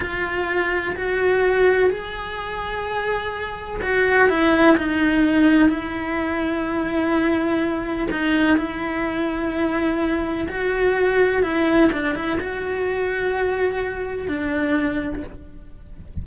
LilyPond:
\new Staff \with { instrumentName = "cello" } { \time 4/4 \tempo 4 = 126 f'2 fis'2 | gis'1 | fis'4 e'4 dis'2 | e'1~ |
e'4 dis'4 e'2~ | e'2 fis'2 | e'4 d'8 e'8 fis'2~ | fis'2 d'2 | }